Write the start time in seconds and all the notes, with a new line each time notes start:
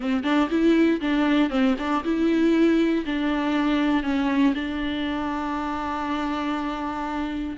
0.00 C4
0.23 D4
0.50 E4
1.00 D4
1.50 C4
1.78 D4
2.04 E4
3.05 D4
4.03 C#4
4.54 D4